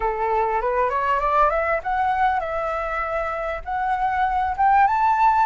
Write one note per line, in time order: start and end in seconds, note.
0.00 0.61 A4
0.61 0.89 B4
0.89 1.19 C#5
1.19 1.50 D5
1.50 1.80 E5
1.83 2.40 F#5
2.40 3.61 E5
3.64 4.55 F#5
4.57 4.87 G5
4.87 5.46 A5